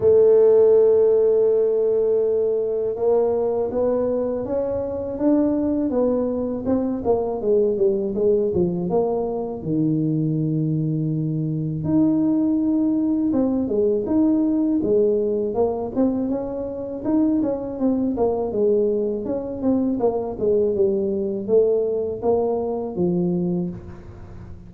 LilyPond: \new Staff \with { instrumentName = "tuba" } { \time 4/4 \tempo 4 = 81 a1 | ais4 b4 cis'4 d'4 | b4 c'8 ais8 gis8 g8 gis8 f8 | ais4 dis2. |
dis'2 c'8 gis8 dis'4 | gis4 ais8 c'8 cis'4 dis'8 cis'8 | c'8 ais8 gis4 cis'8 c'8 ais8 gis8 | g4 a4 ais4 f4 | }